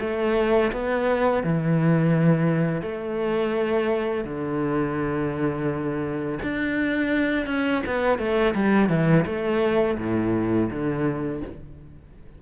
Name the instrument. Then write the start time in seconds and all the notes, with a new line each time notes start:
cello
0.00 A3
0.72 B3
1.43 E3
2.82 A3
4.24 D3
6.43 D4
7.46 C#4
7.86 B3
8.19 A3
8.55 G3
8.89 E3
9.26 A3
9.98 A2
10.70 D3